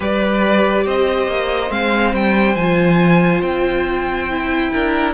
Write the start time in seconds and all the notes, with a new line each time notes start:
0.00 G3 G4 B4 D5
0.84 C4 C5 D#5
1.27 A#3
1.68 G#3 C4 F5
2.13 G3 G5
2.55 F3 F4 G#5
3.41 C4 G5
4.29 E4
4.72 D4 A#4